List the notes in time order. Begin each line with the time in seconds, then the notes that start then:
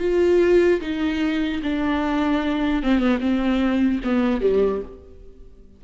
0.00 F4
0.81 D#4
1.63 D4
2.83 C4
2.99 B3
3.20 C4
4.04 B3
4.41 G3